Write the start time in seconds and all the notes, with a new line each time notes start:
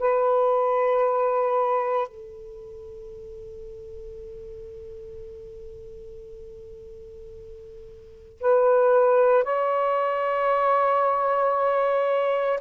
0.00 B4
2.08 A4
8.41 B4
9.44 C#5